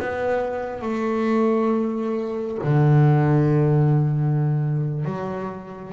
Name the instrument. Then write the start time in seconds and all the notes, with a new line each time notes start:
double bass
0.00 B3
0.82 A3
2.64 D3
5.05 F#3